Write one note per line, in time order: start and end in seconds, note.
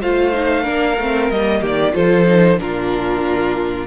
0.00 0.67 A3
0.00 0.33 F4
0.00 0.62 C5
0.00 1.30 F5
0.33 0.63 D#4
0.62 0.97 A#3
0.62 0.95 D4
0.62 1.59 A#4
0.97 1.30 A3
0.97 1.33 C4
1.30 1.62 G3
1.30 1.92 A#3
1.30 1.62 D#5
1.60 1.94 D#3
1.60 1.92 G4
1.60 1.94 D5
1.92 2.58 F3
1.92 2.24 F4
1.92 2.59 A4
1.92 2.59 C5
2.27 2.58 D#4
2.58 3.86 A#2
2.58 3.86 D4
2.58 3.86 F4
2.58 3.86 A#4